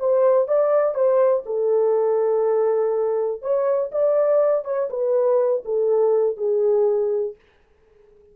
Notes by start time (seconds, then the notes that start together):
0.00 C5
0.48 D5
0.95 C5
1.46 A4
3.42 C#5
3.92 D5
4.65 C#5
4.90 B4
5.66 A4
6.38 G#4